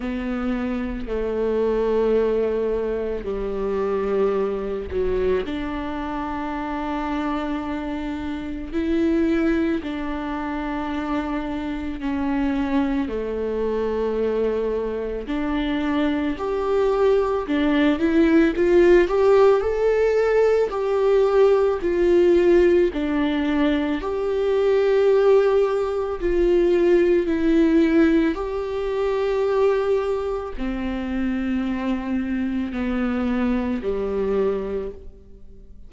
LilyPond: \new Staff \with { instrumentName = "viola" } { \time 4/4 \tempo 4 = 55 b4 a2 g4~ | g8 fis8 d'2. | e'4 d'2 cis'4 | a2 d'4 g'4 |
d'8 e'8 f'8 g'8 a'4 g'4 | f'4 d'4 g'2 | f'4 e'4 g'2 | c'2 b4 g4 | }